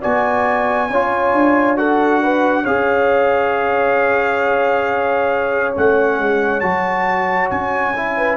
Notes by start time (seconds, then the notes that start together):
0.00 B3 F#4 D5 G#5
0.90 C#4 F4 C#5
1.33 D4
1.76 F#4 A4 F#5
2.22 B4
2.62 C#4 G#4 C#5 F5
5.74 A3 C#4 F#5
6.19 G#3
6.60 F#3 F#4 A5
7.50 C#4 G#5
7.96 E4
8.16 B4